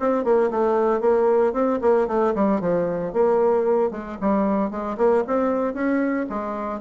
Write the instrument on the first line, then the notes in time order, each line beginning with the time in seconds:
bassoon
0.00 C4
0.24 A#3
0.51 A3
1.01 A#3
1.53 C4
1.81 A#3
2.08 A3
2.35 G3
2.61 F3
3.13 A#3
3.91 G#3
4.21 G3
4.71 G#3
4.98 A#3
5.28 C4
5.74 C#4
6.30 G#3